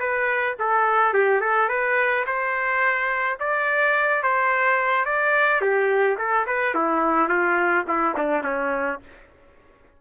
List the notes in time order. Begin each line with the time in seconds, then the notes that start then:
0.00 B4
0.59 A4
1.14 G4
1.41 A4
1.69 B4
2.27 C5
3.40 D5
4.23 C5
5.05 D5
5.61 G4
6.18 A4
6.47 B4
6.75 E4
7.29 F4
7.88 E4
8.17 D4
8.44 C#4